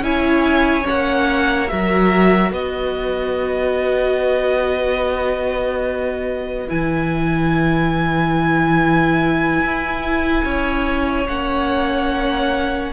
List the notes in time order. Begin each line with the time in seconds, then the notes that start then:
0.00 C#4 E4 C#5 G#5
0.84 A#3 C#4 F#5
1.68 F#3 F#4 A#4 E5
2.51 B3 B4 D#5
6.67 E3 E4 G#5
9.59 E4
10.43 C#4 C#5
11.27 A#3 C#4 F#5